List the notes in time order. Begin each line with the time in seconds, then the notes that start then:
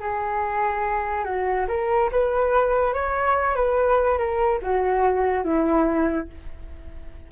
0.00 G#4
1.25 F#4
1.68 A#4
2.12 B4
2.94 C#5
3.56 B4
4.18 A#4
4.62 F#4
5.44 E4